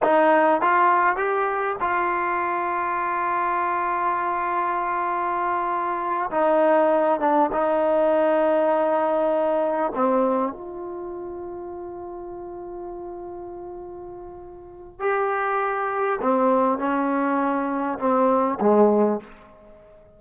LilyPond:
\new Staff \with { instrumentName = "trombone" } { \time 4/4 \tempo 4 = 100 dis'4 f'4 g'4 f'4~ | f'1~ | f'2~ f'8 dis'4. | d'8 dis'2.~ dis'8~ |
dis'8 c'4 f'2~ f'8~ | f'1~ | f'4 g'2 c'4 | cis'2 c'4 gis4 | }